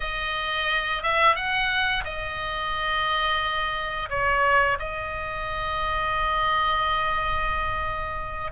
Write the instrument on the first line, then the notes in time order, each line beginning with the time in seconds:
oboe
0.00 D#5
1.02 E5
1.35 F#5
2.04 D#5
4.09 C#5
4.79 D#5